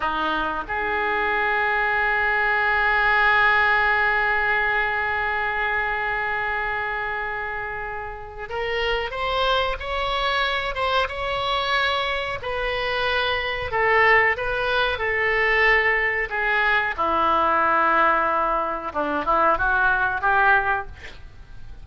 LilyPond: \new Staff \with { instrumentName = "oboe" } { \time 4/4 \tempo 4 = 92 dis'4 gis'2.~ | gis'1~ | gis'1~ | gis'4 ais'4 c''4 cis''4~ |
cis''8 c''8 cis''2 b'4~ | b'4 a'4 b'4 a'4~ | a'4 gis'4 e'2~ | e'4 d'8 e'8 fis'4 g'4 | }